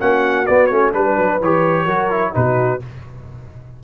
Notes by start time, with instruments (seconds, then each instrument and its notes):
0.00 tuba A#3, trombone C#4, horn F#4, trumpet F#5
0.47 trombone B3, tuba B3, trumpet D5
0.67 tuba A3, trombone C#4, trumpet C#5
0.93 tuba G3, trombone D4, trumpet B4, horn B4
1.18 tuba F#3
1.41 tuba E3, trombone G4, trumpet C#5
1.85 tuba F#3, trombone F#4, horn A#4
2.11 trombone E4
2.33 tuba B2, trombone D#4, horn F#4, trumpet B4